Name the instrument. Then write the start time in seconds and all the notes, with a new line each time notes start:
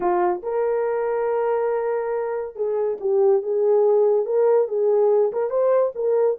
horn
0.00 F4
0.42 A#4
2.55 G#4
3.00 G4
3.42 G#4
4.25 A#4
4.68 G#4
5.32 A#4
5.50 C5
5.95 A#4